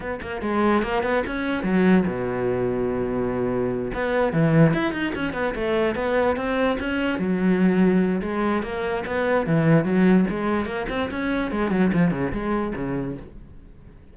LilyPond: \new Staff \with { instrumentName = "cello" } { \time 4/4 \tempo 4 = 146 b8 ais8 gis4 ais8 b8 cis'4 | fis4 b,2.~ | b,4. b4 e4 e'8 | dis'8 cis'8 b8 a4 b4 c'8~ |
c'8 cis'4 fis2~ fis8 | gis4 ais4 b4 e4 | fis4 gis4 ais8 c'8 cis'4 | gis8 fis8 f8 cis8 gis4 cis4 | }